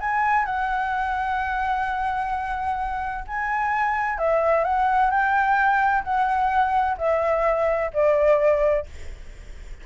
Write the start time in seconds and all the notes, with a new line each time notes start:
0.00 G#5
0.45 F#5
3.27 G#5
4.18 E5
4.64 F#5
5.10 G5
6.04 F#5
6.98 E5
7.93 D5